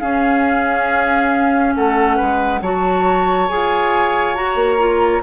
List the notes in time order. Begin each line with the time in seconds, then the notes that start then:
0.00 C#4 G#4 F5
1.75 A3 A4 F#5
2.17 G#3 B4
2.62 F#3 F#4 C#5 A5
3.49 F4 G#4 G#5
4.35 F#4 A#5
4.55 A#3
4.79 F4